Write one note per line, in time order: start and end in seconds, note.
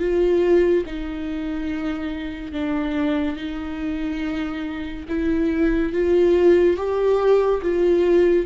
0.00 0.85 F4
0.86 2.52 D#4
2.52 3.36 D4
3.36 5.06 D#4
5.09 5.93 E4
5.93 6.77 F4
6.77 7.61 G4
7.62 8.46 F4